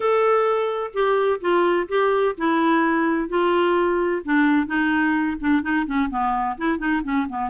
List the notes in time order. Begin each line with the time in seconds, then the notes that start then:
0.00 A4
0.93 G4
1.40 F4
1.88 G4
2.37 E4
3.28 F4
4.24 D4
4.66 D#4
5.40 D4
5.62 D#4
5.86 C#4
6.10 B3
6.57 E4
6.78 D#4
7.03 C#4
7.28 B3